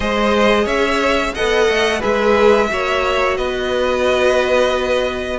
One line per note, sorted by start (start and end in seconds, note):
0.00 0.66 G#3
0.00 1.34 G#4
0.00 0.64 C5
0.00 0.67 D#5
0.64 1.33 C#4
0.64 1.32 C#5
0.64 1.34 E5
1.34 1.68 B3
1.34 2.01 A4
1.34 1.99 D#5
1.34 2.01 F#5
1.68 2.02 A3
1.99 2.71 G#3
1.99 2.68 G#4
1.99 2.67 B4
1.99 3.37 E5
2.69 3.38 A#3
2.69 5.39 F#4
2.69 3.37 C#5
3.37 5.39 B3
3.37 5.39 B4
3.37 5.39 D#5